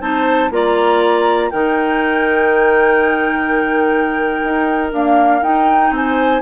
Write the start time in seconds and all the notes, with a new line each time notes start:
0.00 C4 D#4 C5 A5
0.51 A#3 F4 D5 A#5
1.50 D#3 D#4 A#4 G5
4.44 D#4
4.93 A#3 D4 F5
5.42 D#4 G5
5.91 C4 C5 G#5